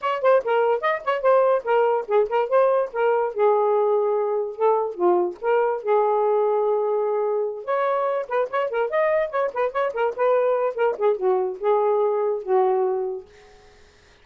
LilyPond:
\new Staff \with { instrumentName = "saxophone" } { \time 4/4 \tempo 4 = 145 cis''8 c''8 ais'4 dis''8 cis''8 c''4 | ais'4 gis'8 ais'8 c''4 ais'4 | gis'2. a'4 | f'4 ais'4 gis'2~ |
gis'2~ gis'8 cis''4. | b'8 cis''8 ais'8 dis''4 cis''8 b'8 cis''8 | ais'8 b'4. ais'8 gis'8 fis'4 | gis'2 fis'2 | }